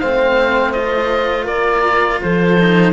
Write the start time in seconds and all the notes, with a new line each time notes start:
0.00 A3 C4 C5 F5
0.73 F4 D#5
1.45 A#3 A#4 D5
2.22 F3 A4 C5
2.60 D#4